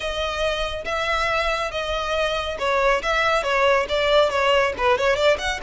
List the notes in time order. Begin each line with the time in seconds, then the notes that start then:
0.00 D#5
0.84 E5
1.71 D#5
2.58 C#5
3.02 E5
3.43 C#5
3.88 D5
4.30 C#5
4.77 B4
4.98 C#5
5.16 D5
5.38 F#5